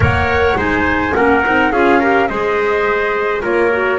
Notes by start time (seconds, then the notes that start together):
0.00 A#3 A#4 C#5 F#5
0.55 G#3 D#4 C5 G#5
1.12 A#3 C#4 A#4 F#5
1.44 C4 D#4
1.71 C#4 F4 G#4 F5
1.99 G4 A#4
2.27 G#3 G#4 C5 D#5
3.41 A#3 F4 A#4 C#5
3.71 F#4